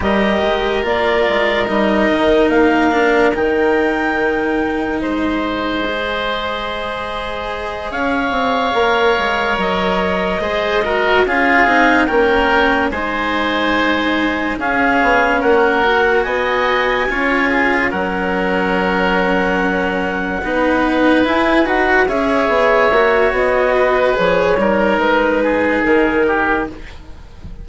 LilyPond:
<<
  \new Staff \with { instrumentName = "clarinet" } { \time 4/4 \tempo 4 = 72 dis''4 d''4 dis''4 f''4 | g''2 dis''2~ | dis''4. f''2 dis''8~ | dis''4. f''4 g''4 gis''8~ |
gis''4. f''4 fis''4 gis''8~ | gis''4. fis''2~ fis''8~ | fis''4. gis''8 fis''8 e''4. | dis''4 cis''4 b'4 ais'4 | }
  \new Staff \with { instrumentName = "oboe" } { \time 4/4 ais'1~ | ais'2 c''2~ | c''4. cis''2~ cis''8~ | cis''8 c''8 ais'8 gis'4 ais'4 c''8~ |
c''4. gis'4 ais'4 dis''8~ | dis''8 cis''8 gis'8 ais'2~ ais'8~ | ais'8 b'2 cis''4.~ | cis''8 b'4 ais'4 gis'4 g'8 | }
  \new Staff \with { instrumentName = "cello" } { \time 4/4 g'4 f'4 dis'4. d'8 | dis'2. gis'4~ | gis'2~ gis'8 ais'4.~ | ais'8 gis'8 fis'8 f'8 dis'8 cis'4 dis'8~ |
dis'4. cis'4. fis'4~ | fis'8 f'4 cis'2~ cis'8~ | cis'8 dis'4 e'8 fis'8 gis'4 fis'8~ | fis'4 gis'8 dis'2~ dis'8 | }
  \new Staff \with { instrumentName = "bassoon" } { \time 4/4 g8 gis8 ais8 gis8 g8 dis8 ais4 | dis2 gis2~ | gis4. cis'8 c'8 ais8 gis8 fis8~ | fis8 gis4 cis'8 c'8 ais4 gis8~ |
gis4. cis'8 b8 ais4 b8~ | b8 cis'4 fis2~ fis8~ | fis8 b4 e'8 dis'8 cis'8 b8 ais8 | b4 f8 g8 gis4 dis4 | }
>>